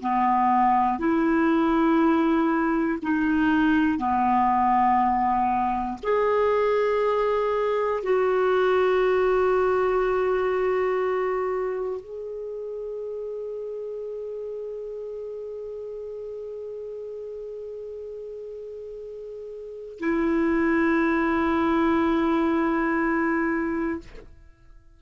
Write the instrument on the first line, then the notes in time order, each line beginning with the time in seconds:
clarinet
0.00 B3
0.99 E4
3.02 D#4
3.98 B3
6.03 G#4
8.03 F#4
12.00 G#4
19.99 E4